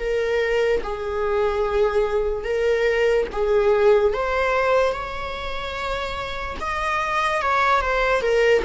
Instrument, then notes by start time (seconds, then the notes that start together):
viola
0.00 A#4
0.83 G#4
2.44 A#4
3.32 G#4
4.14 C5
4.92 C#5
6.60 D#5
7.42 C#5
7.81 C5
8.22 A#4